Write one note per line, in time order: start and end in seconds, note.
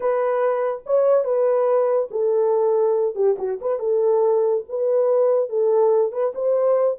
0.00 0.82 B4
0.86 1.24 C#5
1.24 2.08 B4
2.10 3.15 A4
3.15 3.36 G4
3.38 3.59 F#4
3.61 3.79 B4
3.79 4.63 A4
4.68 5.49 B4
5.49 6.12 A4
6.12 6.33 B4
6.34 6.98 C5